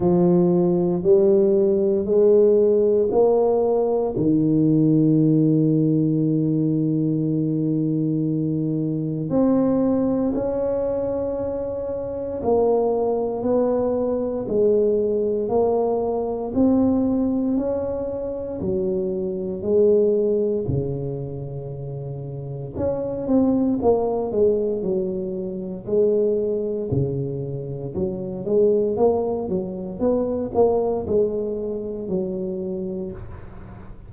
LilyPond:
\new Staff \with { instrumentName = "tuba" } { \time 4/4 \tempo 4 = 58 f4 g4 gis4 ais4 | dis1~ | dis4 c'4 cis'2 | ais4 b4 gis4 ais4 |
c'4 cis'4 fis4 gis4 | cis2 cis'8 c'8 ais8 gis8 | fis4 gis4 cis4 fis8 gis8 | ais8 fis8 b8 ais8 gis4 fis4 | }